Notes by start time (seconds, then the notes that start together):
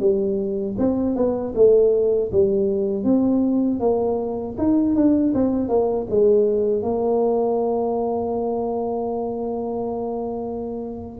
0.00 G3
0.78 C4
1.16 B3
1.55 A3
2.32 G3
3.04 C4
3.80 A#3
4.58 D#4
4.96 D4
5.34 C4
5.69 A#3
6.10 G#3
6.82 A#3